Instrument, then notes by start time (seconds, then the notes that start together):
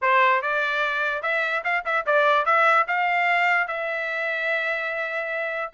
trumpet
0.01 C5
0.42 D5
1.22 E5
1.63 F5
1.85 E5
2.05 D5
2.45 E5
2.87 F5
3.67 E5